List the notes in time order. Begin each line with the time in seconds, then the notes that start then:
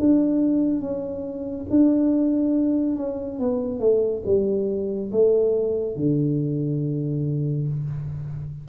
0.00 D4
0.81 C#4
1.70 D4
2.96 C#4
3.40 B3
3.80 A3
4.26 G3
5.12 A3
5.96 D3